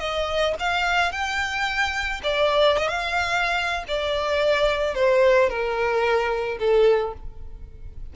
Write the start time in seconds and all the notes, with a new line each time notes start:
0.00 D#5
0.60 F5
1.12 G5
2.24 D5
2.78 D#5
2.88 F5
3.88 D5
4.95 C5
5.49 A#4
6.59 A4